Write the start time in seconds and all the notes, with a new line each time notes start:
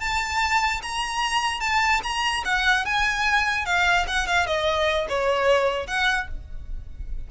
0.00 A5
0.82 A#5
1.60 A5
2.03 A#5
2.45 F#5
2.85 G#5
3.65 F5
4.07 F#5
4.27 F5
4.46 D#5
5.09 C#5
5.87 F#5